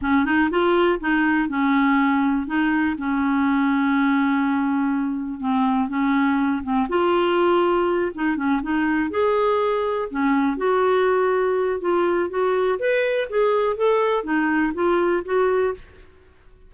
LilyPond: \new Staff \with { instrumentName = "clarinet" } { \time 4/4 \tempo 4 = 122 cis'8 dis'8 f'4 dis'4 cis'4~ | cis'4 dis'4 cis'2~ | cis'2. c'4 | cis'4. c'8 f'2~ |
f'8 dis'8 cis'8 dis'4 gis'4.~ | gis'8 cis'4 fis'2~ fis'8 | f'4 fis'4 b'4 gis'4 | a'4 dis'4 f'4 fis'4 | }